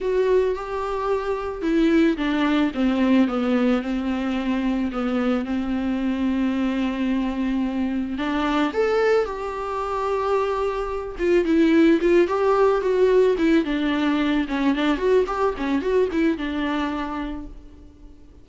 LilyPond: \new Staff \with { instrumentName = "viola" } { \time 4/4 \tempo 4 = 110 fis'4 g'2 e'4 | d'4 c'4 b4 c'4~ | c'4 b4 c'2~ | c'2. d'4 |
a'4 g'2.~ | g'8 f'8 e'4 f'8 g'4 fis'8~ | fis'8 e'8 d'4. cis'8 d'8 fis'8 | g'8 cis'8 fis'8 e'8 d'2 | }